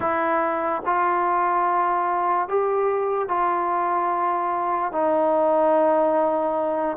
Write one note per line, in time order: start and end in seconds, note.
0.00 0.82 E4
0.85 2.48 F4
2.48 3.28 G4
3.28 4.92 F4
4.92 6.96 D#4